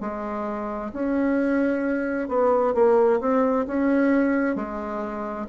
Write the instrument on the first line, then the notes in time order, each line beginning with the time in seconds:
bassoon
0.00 G#3
0.93 C#4
2.28 B3
2.74 A#3
3.20 C4
3.67 C#4
4.55 G#3